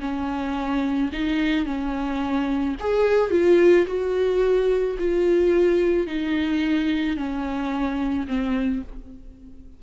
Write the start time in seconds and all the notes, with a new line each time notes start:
0.00 C#4
1.12 D#4
1.65 C#4
2.80 G#4
3.31 F4
3.86 F#4
4.98 F4
6.07 D#4
7.16 C#4
8.27 C4